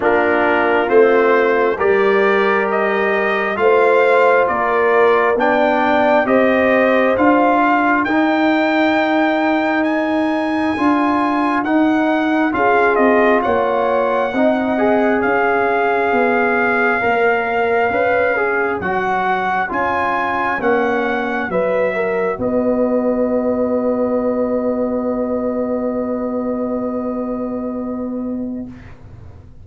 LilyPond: <<
  \new Staff \with { instrumentName = "trumpet" } { \time 4/4 \tempo 4 = 67 ais'4 c''4 d''4 dis''4 | f''4 d''4 g''4 dis''4 | f''4 g''2 gis''4~ | gis''4 fis''4 f''8 dis''8 fis''4~ |
fis''4 f''2.~ | f''4 fis''4 gis''4 fis''4 | e''4 dis''2.~ | dis''1 | }
  \new Staff \with { instrumentName = "horn" } { \time 4/4 f'2 ais'2 | c''4 ais'4 d''4 c''4~ | c''8 ais'2.~ ais'8~ | ais'2 gis'4 cis''4 |
dis''4 cis''2.~ | cis''1 | b'8 ais'8 b'2.~ | b'1 | }
  \new Staff \with { instrumentName = "trombone" } { \time 4/4 d'4 c'4 g'2 | f'2 d'4 g'4 | f'4 dis'2. | f'4 dis'4 f'2 |
dis'8 gis'2~ gis'8 ais'4 | b'8 gis'8 fis'4 f'4 cis'4 | fis'1~ | fis'1 | }
  \new Staff \with { instrumentName = "tuba" } { \time 4/4 ais4 a4 g2 | a4 ais4 b4 c'4 | d'4 dis'2. | d'4 dis'4 cis'8 c'8 ais4 |
c'4 cis'4 b4 ais4 | cis'4 fis4 cis'4 ais4 | fis4 b2.~ | b1 | }
>>